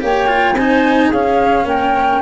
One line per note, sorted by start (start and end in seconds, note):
0.00 0.54 A#3
0.00 0.27 G4
0.00 0.56 C#5
0.00 0.56 G5
0.27 0.55 F4
0.54 1.10 C4
0.54 1.13 D#4
0.54 1.08 C5
0.54 1.11 G#5
1.08 1.64 C#4
1.08 2.21 C#4
1.08 1.63 G#4
1.08 1.67 F5
1.64 2.19 A#3
1.64 2.21 A#4
1.64 2.21 G5